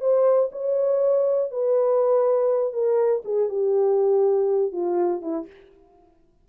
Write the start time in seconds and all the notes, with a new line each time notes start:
0.00 C5
0.51 C#5
1.51 B4
2.73 A#4
3.25 G#4
3.49 G4
4.72 F4
5.22 E4